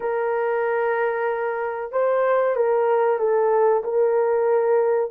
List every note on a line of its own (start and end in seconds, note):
0.00 1.91 A#4
1.92 2.55 C5
2.55 3.19 A#4
3.19 3.82 A4
3.83 5.11 A#4